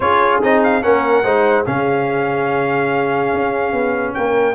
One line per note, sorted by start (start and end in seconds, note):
0.00 0.41 C#4
0.00 0.42 F4
0.00 0.83 G#4
0.00 0.41 C#5
0.42 0.84 C4
0.42 0.82 D#4
0.42 0.62 D#5
0.63 0.82 F5
0.82 1.24 A#3
0.82 1.23 C#4
0.82 1.24 A#4
0.82 1.65 F#5
1.23 1.65 G#3
1.23 1.65 D#4
1.23 1.65 C5
1.65 3.32 C#3
1.65 4.54 C#4
1.65 4.15 G#4
1.65 4.14 F5
3.33 3.72 C#4
3.72 4.14 B3
4.14 4.54 A#3
4.14 4.54 A#4
4.14 4.54 G5